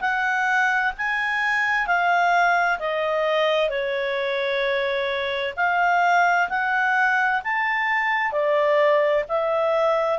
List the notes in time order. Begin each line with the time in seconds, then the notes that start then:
0.00 F#5
0.97 G#5
1.87 F5
2.79 D#5
3.69 C#5
5.56 F5
6.49 F#5
7.44 A5
8.32 D5
9.28 E5